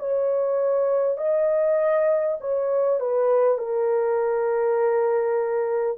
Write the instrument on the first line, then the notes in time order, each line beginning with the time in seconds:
horn
0.00 C#5
1.18 D#5
2.41 C#5
3.01 B4
3.58 A#4